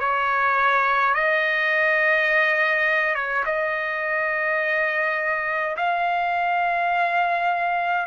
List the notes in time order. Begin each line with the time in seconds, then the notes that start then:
0.00 C#5
1.14 D#5
3.15 C#5
3.46 D#5
5.77 F5